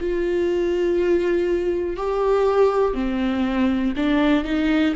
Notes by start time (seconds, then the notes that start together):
0.00 F4
1.97 G4
2.95 C4
3.97 D4
4.45 D#4